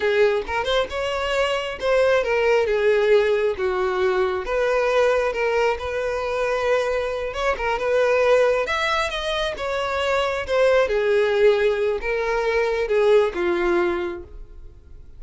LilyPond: \new Staff \with { instrumentName = "violin" } { \time 4/4 \tempo 4 = 135 gis'4 ais'8 c''8 cis''2 | c''4 ais'4 gis'2 | fis'2 b'2 | ais'4 b'2.~ |
b'8 cis''8 ais'8 b'2 e''8~ | e''8 dis''4 cis''2 c''8~ | c''8 gis'2~ gis'8 ais'4~ | ais'4 gis'4 f'2 | }